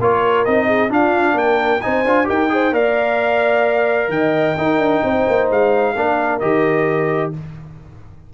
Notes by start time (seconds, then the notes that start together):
0.00 A#3 F4 A#4 C#5
0.45 C4 D#4 D#5
0.67 G#4
0.89 D4 F4 F5
1.34 A#3 A#4 G5
1.81 C4 D#4 C5 G#5
2.05 D4 F4
2.25 D#4 G4 A#4 G5
2.49 G#4 C5
2.72 A#3 A#4 D5 F5
4.09 D#3 D#5 G5
4.58 D#4 A#4
4.78 D4
5.04 C4 C5
5.28 A#3
5.51 G#3 F5
5.95 A#3 D4 A#4
6.40 D#3 G4 D#5